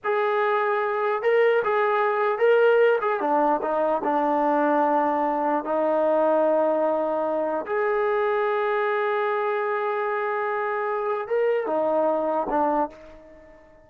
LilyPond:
\new Staff \with { instrumentName = "trombone" } { \time 4/4 \tempo 4 = 149 gis'2. ais'4 | gis'2 ais'4. gis'8 | d'4 dis'4 d'2~ | d'2 dis'2~ |
dis'2. gis'4~ | gis'1~ | gis'1 | ais'4 dis'2 d'4 | }